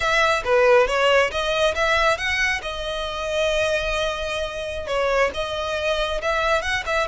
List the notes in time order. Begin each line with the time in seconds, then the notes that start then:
0.00 E5
0.44 B4
0.87 C#5
1.31 D#5
1.74 E5
2.17 F#5
2.61 D#5
4.87 C#5
5.34 D#5
6.21 E5
6.61 F#5
6.86 E5